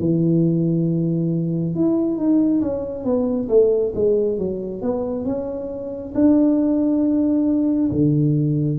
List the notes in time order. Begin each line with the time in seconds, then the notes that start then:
0.00 E3
1.75 E4
2.17 D#4
2.61 C#4
3.04 B3
3.49 A3
3.95 G#3
4.38 F#3
4.82 B3
5.25 C#4
6.15 D4
7.91 D3